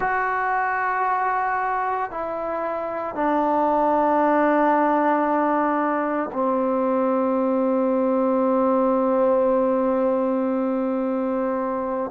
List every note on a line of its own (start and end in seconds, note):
0.00 2.11 F#4
2.11 3.14 E4
3.14 6.30 D4
6.32 12.11 C4